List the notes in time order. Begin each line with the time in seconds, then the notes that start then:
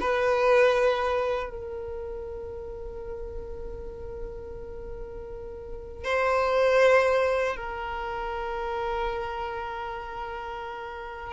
0.00 B4
1.49 A#4
6.04 C5
7.56 A#4